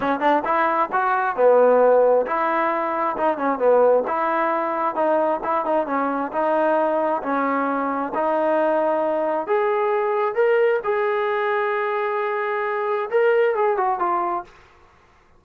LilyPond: \new Staff \with { instrumentName = "trombone" } { \time 4/4 \tempo 4 = 133 cis'8 d'8 e'4 fis'4 b4~ | b4 e'2 dis'8 cis'8 | b4 e'2 dis'4 | e'8 dis'8 cis'4 dis'2 |
cis'2 dis'2~ | dis'4 gis'2 ais'4 | gis'1~ | gis'4 ais'4 gis'8 fis'8 f'4 | }